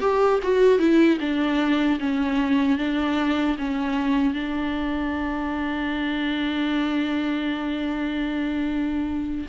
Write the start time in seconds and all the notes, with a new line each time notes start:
0.00 G4
0.43 F#4
0.79 E4
1.20 D4
1.99 C#4
2.78 D4
3.58 C#4
4.33 D4